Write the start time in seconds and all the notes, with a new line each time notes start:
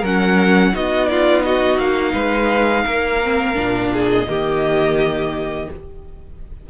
0.00 F#3 C#4 A#4 F#5
0.73 B3 D#4 F#4 D#5
1.08 F4 D5
1.43 F#4 D#5
1.78 A#3 F5
2.12 G#3 B4
2.85 A#3 A#4
3.23 C4
3.54 A#2 D4
3.93 G#4
4.11 D#5
4.27 D#3 A#3 G4